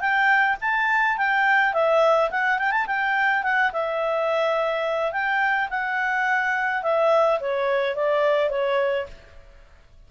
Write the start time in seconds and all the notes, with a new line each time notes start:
0.00 G5
0.61 A5
1.17 G5
1.73 E5
2.30 F#5
2.58 G5
2.71 A5
2.86 G5
3.43 F#5
3.72 E5
5.12 G5
5.70 F#5
6.82 E5
7.40 C#5
7.95 D5
8.50 C#5